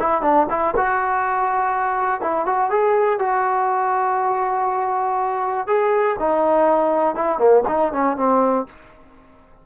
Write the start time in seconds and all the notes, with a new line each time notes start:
0.00 E4
0.22 D4
0.50 E4
0.77 F#4
2.21 E4
2.46 F#4
2.70 G#4
3.19 F#4
5.67 G#4
6.20 D#4
7.16 E4
7.38 A#3
7.68 D#4
7.93 C#4
8.17 C4